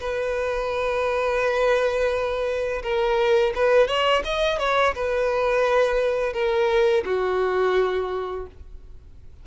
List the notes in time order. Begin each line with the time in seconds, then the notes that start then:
0.00 B4
2.82 A#4
3.55 B4
3.87 C#5
4.24 D#5
4.59 C#5
4.95 B4
6.33 A#4
7.05 F#4